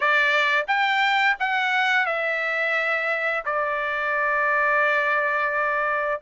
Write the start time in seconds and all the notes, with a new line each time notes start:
0.00 D5
0.67 G5
1.39 F#5
2.06 E5
3.45 D5